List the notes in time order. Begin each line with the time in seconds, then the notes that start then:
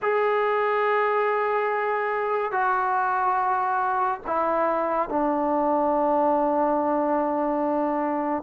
0.02 G#4
2.51 F#4
4.27 E4
5.09 D4